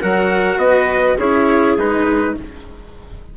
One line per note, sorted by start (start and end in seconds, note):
0.00 0.57 F#3
0.00 1.17 F#4
0.00 0.59 A#4
0.00 0.59 F#5
0.57 1.15 B3
0.57 1.17 B4
0.57 1.17 D#5
1.17 1.77 C#4
1.17 1.78 E4
1.17 2.34 G#4
1.17 1.77 C#5
1.77 2.36 G#3
1.77 2.36 D#4
1.77 2.37 B4